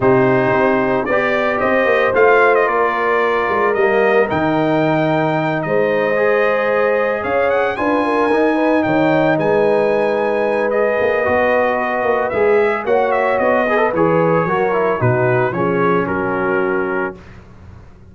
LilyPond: <<
  \new Staff \with { instrumentName = "trumpet" } { \time 4/4 \tempo 4 = 112 c''2 d''4 dis''4 | f''8. dis''16 d''2 dis''4 | g''2~ g''8 dis''4.~ | dis''4. f''8 fis''8 gis''4.~ |
gis''8 g''4 gis''2~ gis''8 | dis''2. e''4 | fis''8 e''8 dis''4 cis''2 | b'4 cis''4 ais'2 | }
  \new Staff \with { instrumentName = "horn" } { \time 4/4 g'2 d''4 c''4~ | c''4 ais'2.~ | ais'2~ ais'8 c''4.~ | c''4. cis''4 b'8 ais'4 |
b'8 cis''4 b'2~ b'8~ | b'1 | cis''4. b'4. ais'4 | fis'4 gis'4 fis'2 | }
  \new Staff \with { instrumentName = "trombone" } { \time 4/4 dis'2 g'2 | f'2. ais4 | dis'2.~ dis'8 gis'8~ | gis'2~ gis'8 f'4 dis'8~ |
dis'1 | gis'4 fis'2 gis'4 | fis'4. gis'16 a'16 gis'4 fis'8 e'8 | dis'4 cis'2. | }
  \new Staff \with { instrumentName = "tuba" } { \time 4/4 c4 c'4 b4 c'8 ais8 | a4 ais4. gis8 g4 | dis2~ dis8 gis4.~ | gis4. cis'4 d'4 dis'8~ |
dis'8 dis4 gis2~ gis8~ | gis8 ais8 b4. ais8 gis4 | ais4 b4 e4 fis4 | b,4 f4 fis2 | }
>>